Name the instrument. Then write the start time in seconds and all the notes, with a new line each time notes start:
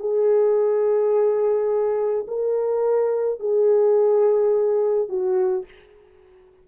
horn
0.00 G#4
2.28 A#4
3.40 G#4
5.09 F#4